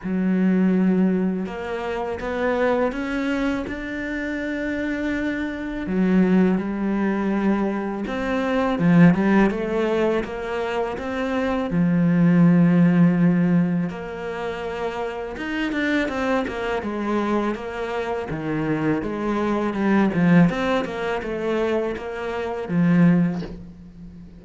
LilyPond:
\new Staff \with { instrumentName = "cello" } { \time 4/4 \tempo 4 = 82 fis2 ais4 b4 | cis'4 d'2. | fis4 g2 c'4 | f8 g8 a4 ais4 c'4 |
f2. ais4~ | ais4 dis'8 d'8 c'8 ais8 gis4 | ais4 dis4 gis4 g8 f8 | c'8 ais8 a4 ais4 f4 | }